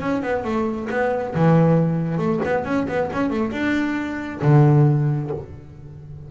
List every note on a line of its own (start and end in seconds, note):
0.00 0.22 C#4
0.22 0.44 B3
0.44 0.88 A3
0.90 1.34 B3
1.34 2.18 E3
2.18 2.40 A3
2.45 2.65 B3
2.65 2.87 C#4
2.88 3.10 B3
3.12 3.30 C#4
3.30 3.51 A3
3.51 4.40 D4
4.42 5.30 D3